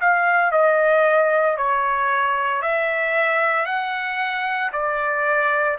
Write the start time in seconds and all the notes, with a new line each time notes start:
0.00 F5
0.52 D#5
1.57 C#5
2.62 E5
3.66 F#5
4.73 D5